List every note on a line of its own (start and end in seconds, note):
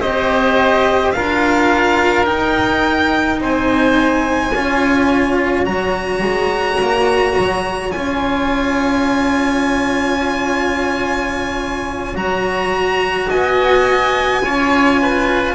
0.00 1.15 C4
0.00 1.14 G4
0.00 1.13 C5
0.00 1.12 D#5
1.12 2.29 D4
1.12 2.24 F4
1.12 3.40 A#4
1.12 2.25 F5
2.24 4.50 D#4
2.24 3.40 D#4
2.24 3.39 G5
3.40 4.53 C4
3.40 4.54 C5
3.40 5.65 G#5
4.54 5.66 C#4
4.54 5.65 F4
4.54 13.28 C#5
5.65 6.22 F#3
5.65 7.92 F#4
5.65 7.91 A#5
6.22 6.79 G#3
6.80 7.37 A#3
7.38 7.95 F#3
7.91 12.14 C#4
7.91 12.15 F4
7.91 12.16 G#5
12.14 13.27 F#3
12.14 14.42 F#4
12.14 13.29 A#5
13.28 14.45 B3
13.28 14.41 D#5
13.28 15.54 G#5
14.44 15.54 C#4
14.44 15.54 F4
14.44 15.00 C#5
15.02 15.54 B4